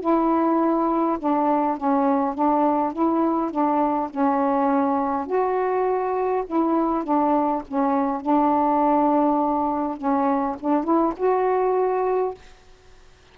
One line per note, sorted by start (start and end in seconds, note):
0.00 1.18 E4
1.18 1.77 D4
1.77 2.34 C#4
2.34 2.93 D4
2.93 3.51 E4
3.51 4.09 D4
4.10 5.26 C#4
5.26 6.44 F#4
6.46 7.03 E4
7.03 7.62 D4
7.67 8.21 C#4
8.21 9.97 D4
9.97 10.56 C#4
10.60 10.84 D4
10.84 11.13 E4
11.17 12.34 F#4